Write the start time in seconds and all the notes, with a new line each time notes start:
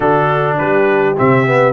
0.00 D3 D4 F#4 A4
0.58 G3 G4 B4
1.17 C3 C4 E5
1.46 B3